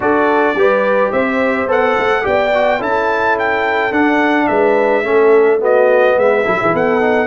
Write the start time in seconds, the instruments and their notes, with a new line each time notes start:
0.00 tuba D4, trombone F#4, horn A4, trumpet D5
0.55 tuba G3, trombone G4, horn B4
1.11 tuba C4, horn C5, trumpet E5
1.66 tuba B3, trombone A4, trumpet F#5
1.97 tuba A3
2.21 tuba B3, trombone G4, horn D5, trumpet G5
2.54 trombone F#4
2.79 tuba C#4, trombone E4, horn A4, trumpet A5
3.38 trumpet G5
3.91 tuba D4, trombone D4, trumpet F#5
4.47 tuba G#3, horn B4, trumpet E5
5.03 tuba A3, trombone C#4, horn A4
5.59 trombone B3, horn F#4, trumpet D#5
6.17 tuba G#3, horn B4, trumpet E5
6.44 tuba F#3, trombone E4, horn A4
6.59 tuba E3, horn G#4
6.73 tuba B3, horn A4, trumpet F#5
7.01 trombone D#4